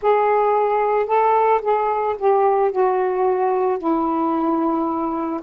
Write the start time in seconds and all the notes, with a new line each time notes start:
0.01 G#4
1.06 A4
1.62 G#4
2.18 G4
2.71 F#4
3.78 E4